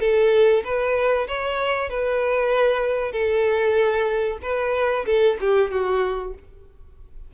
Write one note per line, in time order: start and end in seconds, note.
0.00 0.63 A4
0.64 1.27 B4
1.27 1.89 C#5
1.89 3.12 B4
3.12 4.38 A4
4.42 5.05 B4
5.05 5.37 A4
5.40 5.70 G4
5.70 6.34 F#4